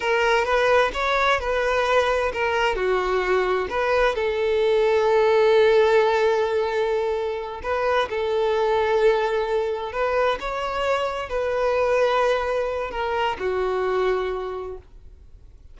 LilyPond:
\new Staff \with { instrumentName = "violin" } { \time 4/4 \tempo 4 = 130 ais'4 b'4 cis''4 b'4~ | b'4 ais'4 fis'2 | b'4 a'2.~ | a'1~ |
a'8 b'4 a'2~ a'8~ | a'4. b'4 cis''4.~ | cis''8 b'2.~ b'8 | ais'4 fis'2. | }